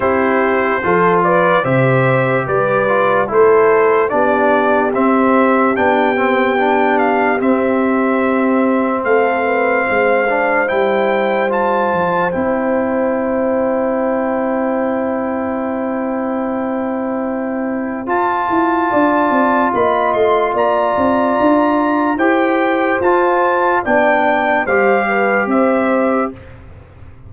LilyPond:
<<
  \new Staff \with { instrumentName = "trumpet" } { \time 4/4 \tempo 4 = 73 c''4. d''8 e''4 d''4 | c''4 d''4 e''4 g''4~ | g''8 f''8 e''2 f''4~ | f''4 g''4 a''4 g''4~ |
g''1~ | g''2 a''2 | b''8 c'''8 ais''2 g''4 | a''4 g''4 f''4 e''4 | }
  \new Staff \with { instrumentName = "horn" } { \time 4/4 g'4 a'8 b'8 c''4 b'4 | a'4 g'2.~ | g'2. a'8 b'8 | c''1~ |
c''1~ | c''2. d''4 | dis''4 d''2 c''4~ | c''4 d''4 c''8 b'8 c''4 | }
  \new Staff \with { instrumentName = "trombone" } { \time 4/4 e'4 f'4 g'4. f'8 | e'4 d'4 c'4 d'8 c'8 | d'4 c'2.~ | c'8 d'8 e'4 f'4 e'4~ |
e'1~ | e'2 f'2~ | f'2. g'4 | f'4 d'4 g'2 | }
  \new Staff \with { instrumentName = "tuba" } { \time 4/4 c'4 f4 c4 g4 | a4 b4 c'4 b4~ | b4 c'2 a4 | gis4 g4. f8 c'4~ |
c'1~ | c'2 f'8 e'8 d'8 c'8 | ais8 a8 ais8 c'8 d'4 e'4 | f'4 b4 g4 c'4 | }
>>